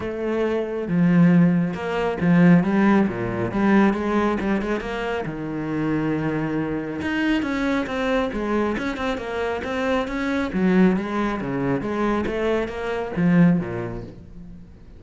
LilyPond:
\new Staff \with { instrumentName = "cello" } { \time 4/4 \tempo 4 = 137 a2 f2 | ais4 f4 g4 ais,4 | g4 gis4 g8 gis8 ais4 | dis1 |
dis'4 cis'4 c'4 gis4 | cis'8 c'8 ais4 c'4 cis'4 | fis4 gis4 cis4 gis4 | a4 ais4 f4 ais,4 | }